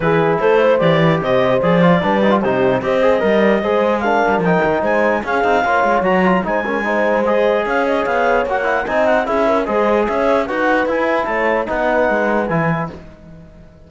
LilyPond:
<<
  \new Staff \with { instrumentName = "clarinet" } { \time 4/4 \tempo 4 = 149 b'4 c''4 d''4 dis''4 | d''2 c''4 dis''4~ | dis''2 f''4 g''4 | gis''4 f''2 ais''4 |
gis''2 dis''4 f''8 dis''8 | f''4 fis''4 gis''8 fis''8 e''4 | dis''4 e''4 fis''4 gis''4 | a''4 fis''2 gis''4 | }
  \new Staff \with { instrumentName = "horn" } { \time 4/4 gis'4 a'8 c''4 b'8 c''4~ | c''4 b'4 g'4 c''4 | dis''8 d''8 c''4 ais'2 | c''4 gis'4 cis''2 |
c''8 ais'8 c''2 cis''4~ | cis''2 dis''4 gis'8 ais'8 | c''4 cis''4 b'2 | cis''4 b'2. | }
  \new Staff \with { instrumentName = "trombone" } { \time 4/4 e'2 g'2 | gis'8 f'8 d'8 dis'16 f'16 dis'4 g'8 gis'8 | ais'4 gis'4 d'4 dis'4~ | dis'4 cis'8 dis'8 f'4 fis'8 f'8 |
dis'8 cis'8 dis'4 gis'2~ | gis'4 fis'8 e'8 dis'4 e'4 | gis'2 fis'4 e'4~ | e'4 dis'2 e'4 | }
  \new Staff \with { instrumentName = "cello" } { \time 4/4 e4 a4 e4 c4 | f4 g4 c4 c'4 | g4 gis4. g8 f8 dis8 | gis4 cis'8 c'8 ais8 gis8 fis4 |
gis2. cis'4 | b4 ais4 c'4 cis'4 | gis4 cis'4 dis'4 e'4 | a4 b4 gis4 e4 | }
>>